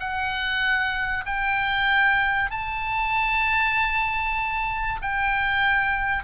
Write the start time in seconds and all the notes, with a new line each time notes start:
0.00 F#5
1.26 G5
2.51 A5
5.02 G5